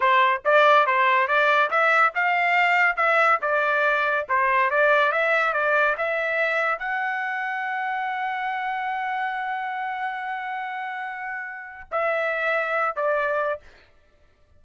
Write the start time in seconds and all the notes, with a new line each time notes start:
0.00 C5
0.44 D5
0.86 C5
1.27 D5
1.70 E5
2.15 F5
2.96 E5
3.41 D5
4.28 C5
4.70 D5
5.12 E5
5.53 D5
5.97 E5
6.79 F#5
11.91 E5
12.96 D5